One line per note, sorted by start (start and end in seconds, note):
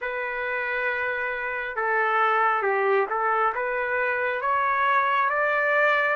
0.01 1.76 B4
1.76 2.62 A4
2.62 3.06 G4
3.09 3.53 A4
3.54 4.41 B4
4.41 5.29 C#5
5.29 6.16 D5